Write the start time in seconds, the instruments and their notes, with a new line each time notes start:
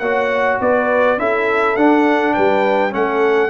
0.00 tuba A#3, trombone F#4, horn C#5, trumpet F#5
0.61 tuba B3, horn B4, trumpet D5
1.18 tuba C#4, trombone E4, horn A4, trumpet E5
1.77 tuba D4, trombone D4, trumpet F#5
2.35 tuba G3, horn B4, trumpet G5
2.91 tuba A3, trombone C#4, horn A4, trumpet F#5